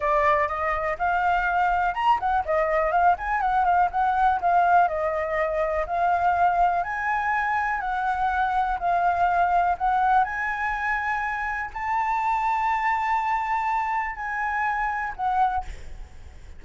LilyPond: \new Staff \with { instrumentName = "flute" } { \time 4/4 \tempo 4 = 123 d''4 dis''4 f''2 | ais''8 fis''8 dis''4 f''8 gis''8 fis''8 f''8 | fis''4 f''4 dis''2 | f''2 gis''2 |
fis''2 f''2 | fis''4 gis''2. | a''1~ | a''4 gis''2 fis''4 | }